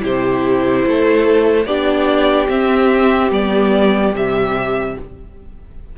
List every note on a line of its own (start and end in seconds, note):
0.00 0.85 C3
0.00 1.64 E4
0.00 0.85 G4
0.00 1.66 C5
0.85 1.65 A3
0.85 1.67 A4
1.65 2.47 B3
1.65 2.48 D4
1.65 4.96 G4
1.65 2.48 D5
2.48 3.30 C4
2.48 3.31 E5
3.30 4.13 G3
3.30 4.14 B3
3.30 4.15 D5
4.13 4.95 C3
4.13 4.97 G3
4.13 4.98 E5